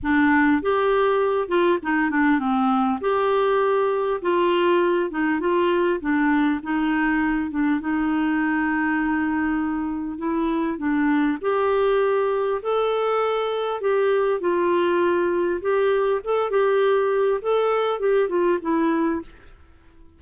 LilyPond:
\new Staff \with { instrumentName = "clarinet" } { \time 4/4 \tempo 4 = 100 d'4 g'4. f'8 dis'8 d'8 | c'4 g'2 f'4~ | f'8 dis'8 f'4 d'4 dis'4~ | dis'8 d'8 dis'2.~ |
dis'4 e'4 d'4 g'4~ | g'4 a'2 g'4 | f'2 g'4 a'8 g'8~ | g'4 a'4 g'8 f'8 e'4 | }